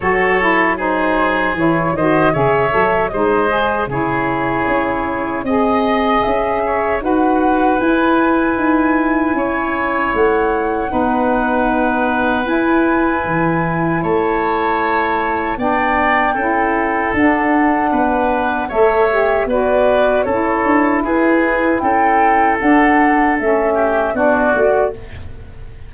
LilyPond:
<<
  \new Staff \with { instrumentName = "flute" } { \time 4/4 \tempo 4 = 77 cis''4 c''4 cis''8 dis''8 e''4 | dis''4 cis''2 dis''4 | e''4 fis''4 gis''2~ | gis''4 fis''2. |
gis''2 a''2 | g''2 fis''2 | e''4 d''4 cis''4 b'4 | g''4 fis''4 e''4 d''4 | }
  \new Staff \with { instrumentName = "oboe" } { \time 4/4 a'4 gis'4. c''8 cis''4 | c''4 gis'2 dis''4~ | dis''8 cis''8 b'2. | cis''2 b'2~ |
b'2 cis''2 | d''4 a'2 b'4 | cis''4 b'4 a'4 gis'4 | a'2~ a'8 g'8 fis'4 | }
  \new Staff \with { instrumentName = "saxophone" } { \time 4/4 fis'8 e'8 dis'4 e'8 fis'8 gis'8 a'8 | dis'8 gis'8 e'2 gis'4~ | gis'4 fis'4 e'2~ | e'2 dis'2 |
e'1 | d'4 e'4 d'2 | a'8 g'8 fis'4 e'2~ | e'4 d'4 cis'4 d'8 fis'8 | }
  \new Staff \with { instrumentName = "tuba" } { \time 4/4 fis2 e8 dis8 cis8 fis8 | gis4 cis4 cis'4 c'4 | cis'4 dis'4 e'4 dis'4 | cis'4 a4 b2 |
e'4 e4 a2 | b4 cis'4 d'4 b4 | a4 b4 cis'8 d'8 e'4 | cis'4 d'4 a4 b8 a8 | }
>>